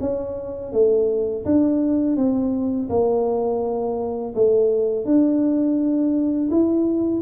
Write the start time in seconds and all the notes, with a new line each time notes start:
0.00 C#4
0.72 A3
1.45 D4
2.16 C4
2.89 A#3
4.34 A3
5.05 D4
6.50 E4